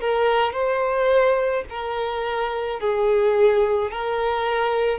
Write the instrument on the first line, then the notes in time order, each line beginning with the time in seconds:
violin
0.00 A#4
0.53 C5
1.69 A#4
2.80 G#4
3.91 A#4